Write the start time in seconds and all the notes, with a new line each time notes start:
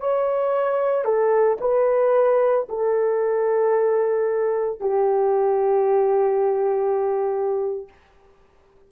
0.00 C#5
1.05 A4
1.61 B4
2.70 A4
4.81 G4